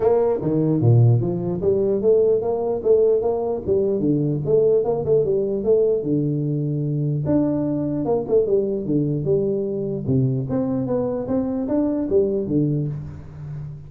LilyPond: \new Staff \with { instrumentName = "tuba" } { \time 4/4 \tempo 4 = 149 ais4 dis4 ais,4 f4 | g4 a4 ais4 a4 | ais4 g4 d4 a4 | ais8 a8 g4 a4 d4~ |
d2 d'2 | ais8 a8 g4 d4 g4~ | g4 c4 c'4 b4 | c'4 d'4 g4 d4 | }